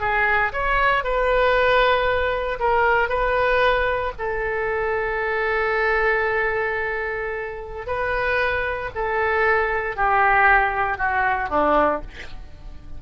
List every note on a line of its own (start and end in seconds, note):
0.00 0.52 G#4
0.53 1.04 C#5
1.04 2.59 B4
2.59 3.09 A#4
3.09 4.12 B4
4.18 7.86 A4
7.86 8.90 B4
8.95 9.96 A4
9.96 10.97 G4
10.97 11.49 F#4
11.49 12.01 D4